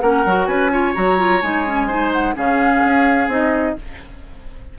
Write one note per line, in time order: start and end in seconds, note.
0.00 0.25 A#3
0.00 0.25 C#4
0.00 0.47 A#4
0.00 0.46 F#5
0.25 0.47 F#3
0.25 0.70 F#4
0.46 0.94 C#4
0.46 0.71 B4
0.46 0.93 G#5
0.70 0.94 F4
0.70 1.87 C#5
0.94 1.42 F#3
0.94 1.17 F#4
0.94 1.41 A#5
1.17 1.41 F4
1.41 2.36 G#3
1.41 1.66 D#4
1.41 2.11 G#5
1.66 1.89 C#4
1.87 2.34 D#4
1.87 2.34 C5
2.12 2.35 F#5
2.34 2.84 C#3
2.34 3.28 C#4
2.34 3.76 G#4
2.34 3.31 F5
2.84 3.27 C#4
3.27 3.74 C4
3.27 3.76 D#4
3.27 3.78 D#5